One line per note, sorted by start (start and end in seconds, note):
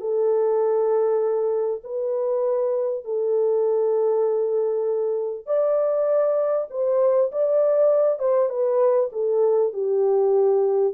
0.00 1.82 A4
1.84 3.05 B4
3.05 5.46 A4
5.46 6.67 D5
6.70 7.31 C5
7.32 8.19 D5
8.19 8.49 C5
8.49 9.10 B4
9.12 9.73 A4
9.73 10.94 G4